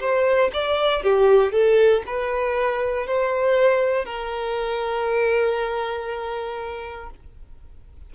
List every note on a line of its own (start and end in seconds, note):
0.00 0.51 C5
0.53 1.03 D5
1.03 1.52 G4
1.52 2.03 A4
2.07 3.07 B4
3.07 4.05 C5
4.05 7.10 A#4